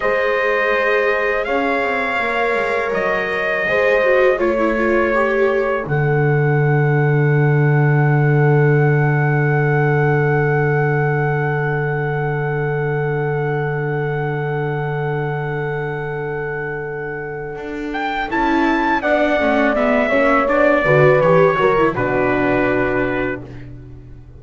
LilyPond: <<
  \new Staff \with { instrumentName = "trumpet" } { \time 4/4 \tempo 4 = 82 dis''2 f''2 | dis''2 cis''2 | fis''1~ | fis''1~ |
fis''1~ | fis''1~ | fis''8 g''8 a''4 fis''4 e''4 | d''4 cis''4 b'2 | }
  \new Staff \with { instrumentName = "horn" } { \time 4/4 c''2 cis''2~ | cis''4 c''4 cis''2 | a'1~ | a'1~ |
a'1~ | a'1~ | a'2 d''4. cis''8~ | cis''8 b'4 ais'8 fis'2 | }
  \new Staff \with { instrumentName = "viola" } { \time 4/4 gis'2. ais'4~ | ais'4 gis'8 fis'8 f'16 e'16 f'8 g'4 | d'1~ | d'1~ |
d'1~ | d'1~ | d'4 e'4 d'8 cis'8 b8 cis'8 | d'8 fis'8 g'8 fis'16 e'16 d'2 | }
  \new Staff \with { instrumentName = "double bass" } { \time 4/4 gis2 cis'8 c'8 ais8 gis8 | fis4 gis4 a2 | d1~ | d1~ |
d1~ | d1 | d'4 cis'4 b8 a8 gis8 ais8 | b8 d8 e8 fis8 b,2 | }
>>